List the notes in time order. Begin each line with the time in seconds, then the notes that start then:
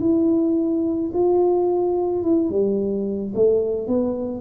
0.00 E4
1.14 F4
2.23 E4
2.50 G3
3.35 A3
3.87 B3